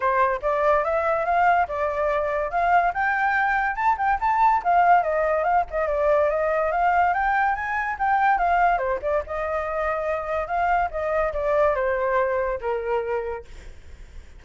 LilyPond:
\new Staff \with { instrumentName = "flute" } { \time 4/4 \tempo 4 = 143 c''4 d''4 e''4 f''4 | d''2 f''4 g''4~ | g''4 a''8 g''8 a''4 f''4 | dis''4 f''8 dis''8 d''4 dis''4 |
f''4 g''4 gis''4 g''4 | f''4 c''8 d''8 dis''2~ | dis''4 f''4 dis''4 d''4 | c''2 ais'2 | }